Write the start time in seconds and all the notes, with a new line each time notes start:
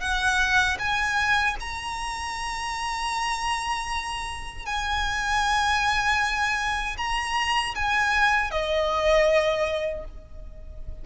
0.00 F#5
0.79 G#5
1.60 A#5
4.65 G#5
6.97 A#5
7.75 G#5
8.51 D#5